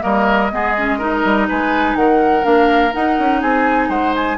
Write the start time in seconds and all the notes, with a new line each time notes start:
0.00 G3 A#3 A#4 D#5
0.52 G#3 B3 G#4
0.78 C#4
0.99 D#4 A#4
1.25 G3
1.49 G#3 B4 G#5
1.96 D#3 A#4 F#5
2.43 A#3 D4 F5
2.94 D#4 F#5
3.19 C#4
3.41 C4 G#4 G#5
3.89 G#3 C5 F#5
4.16 G#5